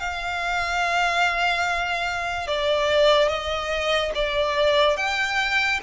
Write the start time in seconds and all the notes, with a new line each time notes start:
0.00 F5
2.47 D5
3.28 D#5
4.15 D5
4.97 G5